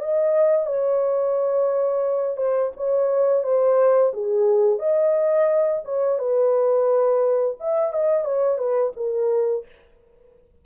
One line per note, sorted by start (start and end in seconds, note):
0.00 0.66 D#5
0.66 2.37 C#5
2.37 2.71 C5
2.76 3.43 C#5
3.43 4.12 C5
4.13 4.78 G#4
4.78 5.82 D#5
5.84 6.18 C#5
6.18 7.56 B4
7.59 7.92 E5
7.92 8.24 D#5
8.24 8.58 C#5
8.58 8.92 B4
8.96 9.65 A#4